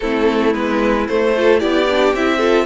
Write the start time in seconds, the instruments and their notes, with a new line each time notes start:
0.00 cello A3, viola C4, violin E4 A4
0.53 cello G#3, viola B3, violin B4
1.07 viola A3, cello A3, violin C5
1.35 viola F4, violin A4
1.59 cello B3, viola E4, violin G4 D5
1.90 viola D4
2.13 cello C4, viola E4, violin E5
2.37 viola F4, violin A4